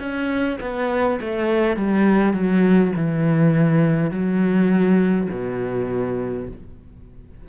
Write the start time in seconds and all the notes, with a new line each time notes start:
0.00 C#4
0.61 B3
1.21 A3
1.77 G3
2.34 F#3
2.96 E3
4.11 F#3
5.31 B2